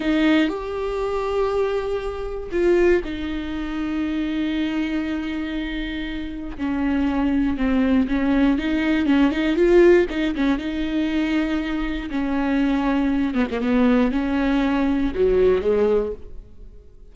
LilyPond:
\new Staff \with { instrumentName = "viola" } { \time 4/4 \tempo 4 = 119 dis'4 g'2.~ | g'4 f'4 dis'2~ | dis'1~ | dis'4 cis'2 c'4 |
cis'4 dis'4 cis'8 dis'8 f'4 | dis'8 cis'8 dis'2. | cis'2~ cis'8 b16 ais16 b4 | cis'2 fis4 gis4 | }